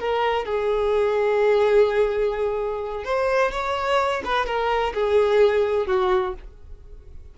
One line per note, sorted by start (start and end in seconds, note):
0.00 0.46 A#4
0.46 3.05 G#4
3.05 3.52 C5
3.52 4.23 C#5
4.25 4.46 B4
4.46 4.93 A#4
4.95 5.87 G#4
5.87 6.34 F#4